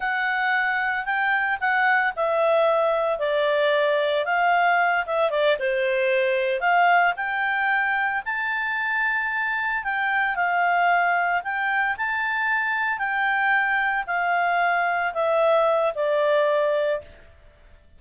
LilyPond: \new Staff \with { instrumentName = "clarinet" } { \time 4/4 \tempo 4 = 113 fis''2 g''4 fis''4 | e''2 d''2 | f''4. e''8 d''8 c''4.~ | c''8 f''4 g''2 a''8~ |
a''2~ a''8 g''4 f''8~ | f''4. g''4 a''4.~ | a''8 g''2 f''4.~ | f''8 e''4. d''2 | }